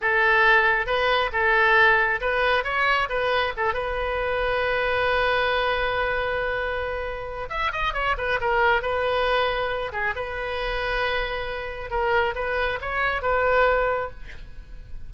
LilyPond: \new Staff \with { instrumentName = "oboe" } { \time 4/4 \tempo 4 = 136 a'2 b'4 a'4~ | a'4 b'4 cis''4 b'4 | a'8 b'2.~ b'8~ | b'1~ |
b'4 e''8 dis''8 cis''8 b'8 ais'4 | b'2~ b'8 gis'8 b'4~ | b'2. ais'4 | b'4 cis''4 b'2 | }